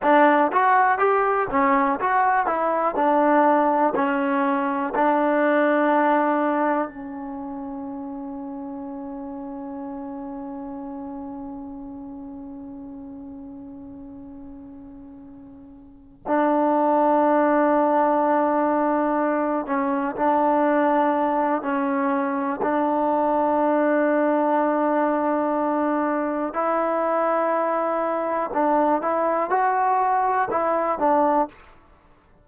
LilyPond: \new Staff \with { instrumentName = "trombone" } { \time 4/4 \tempo 4 = 61 d'8 fis'8 g'8 cis'8 fis'8 e'8 d'4 | cis'4 d'2 cis'4~ | cis'1~ | cis'1~ |
cis'8 d'2.~ d'8 | cis'8 d'4. cis'4 d'4~ | d'2. e'4~ | e'4 d'8 e'8 fis'4 e'8 d'8 | }